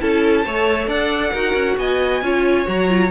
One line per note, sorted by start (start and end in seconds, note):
0.00 0.45 C#4
0.00 0.44 E4
0.00 0.45 A4
0.00 0.89 A5
0.45 0.87 A3
0.45 1.35 A4
0.45 0.88 C#5
0.87 1.32 D4
0.87 1.31 D5
0.87 1.78 F#5
1.31 1.54 D#4
1.31 2.23 F#4
1.31 1.76 A#4
1.54 1.76 C#4
1.77 2.22 B3
1.77 2.24 D#5
1.77 2.67 G#5
2.22 2.66 C#4
2.22 2.66 F4
2.22 3.11 C#5
2.66 3.11 F#3
2.66 2.88 F#4
2.66 3.11 A#5
2.89 3.11 F4